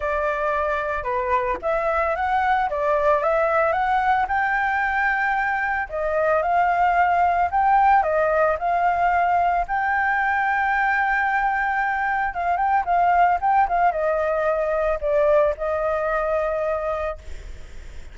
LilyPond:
\new Staff \with { instrumentName = "flute" } { \time 4/4 \tempo 4 = 112 d''2 b'4 e''4 | fis''4 d''4 e''4 fis''4 | g''2. dis''4 | f''2 g''4 dis''4 |
f''2 g''2~ | g''2. f''8 g''8 | f''4 g''8 f''8 dis''2 | d''4 dis''2. | }